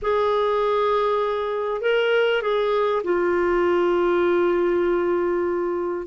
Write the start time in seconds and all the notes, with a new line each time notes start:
0.02 G#4
1.81 A#4
2.42 G#4
3.03 F4